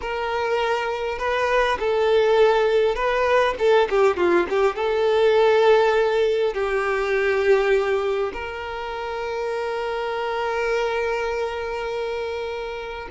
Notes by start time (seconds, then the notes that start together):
0.01 A#4
1.18 B4
1.79 A4
2.95 B4
3.58 A4
3.89 G4
4.16 F4
4.49 G4
4.75 A4
6.53 G4
8.33 A#4